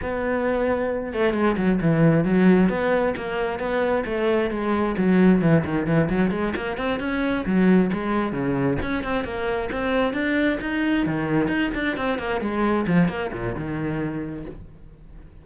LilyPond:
\new Staff \with { instrumentName = "cello" } { \time 4/4 \tempo 4 = 133 b2~ b8 a8 gis8 fis8 | e4 fis4 b4 ais4 | b4 a4 gis4 fis4 | e8 dis8 e8 fis8 gis8 ais8 c'8 cis'8~ |
cis'8 fis4 gis4 cis4 cis'8 | c'8 ais4 c'4 d'4 dis'8~ | dis'8 dis4 dis'8 d'8 c'8 ais8 gis8~ | gis8 f8 ais8 ais,8 dis2 | }